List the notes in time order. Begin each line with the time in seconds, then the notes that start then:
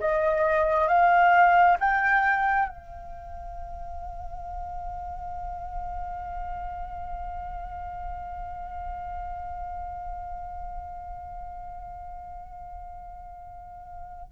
0.00 D#5
0.88 F5
1.80 G5
2.69 F5